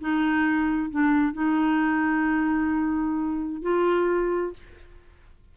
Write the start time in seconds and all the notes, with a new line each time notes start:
0.00 D#4
0.90 D4
1.33 D#4
3.62 F4